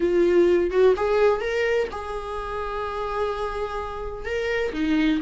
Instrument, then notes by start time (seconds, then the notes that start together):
viola
0.00 F4
0.70 F#4
0.96 G#4
1.40 A#4
1.91 G#4
4.25 A#4
4.72 D#4